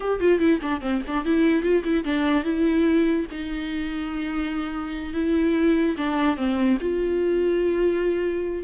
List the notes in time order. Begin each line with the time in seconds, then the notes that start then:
0.00 G4
0.19 F4
0.39 E4
0.61 D4
0.81 C4
1.07 D4
1.24 E4
1.62 F4
1.84 E4
2.04 D4
2.44 E4
3.31 D#4
5.13 E4
5.97 D4
6.36 C4
6.80 F4